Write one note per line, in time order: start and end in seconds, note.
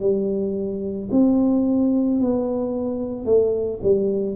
0.00 1.09 G3
1.11 2.20 C4
2.21 3.25 B3
3.25 3.80 A3
3.82 4.36 G3